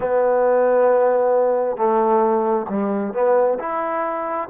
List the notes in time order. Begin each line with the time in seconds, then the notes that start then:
0.00 B3
1.76 A3
2.69 G3
3.13 B3
3.59 E4